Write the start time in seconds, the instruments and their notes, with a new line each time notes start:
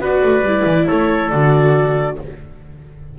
0.00 double bass B3, viola F#4, trumpet B4, clarinet D5
0.24 double bass A3
0.42 double bass G3, viola E4
0.66 double bass E3
0.87 double bass A3, trumpet A4, clarinet C#5
1.30 double bass D3, viola F#4, clarinet D5